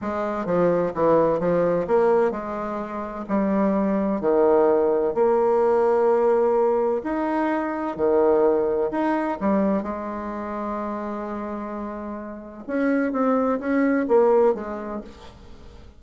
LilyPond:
\new Staff \with { instrumentName = "bassoon" } { \time 4/4 \tempo 4 = 128 gis4 f4 e4 f4 | ais4 gis2 g4~ | g4 dis2 ais4~ | ais2. dis'4~ |
dis'4 dis2 dis'4 | g4 gis2.~ | gis2. cis'4 | c'4 cis'4 ais4 gis4 | }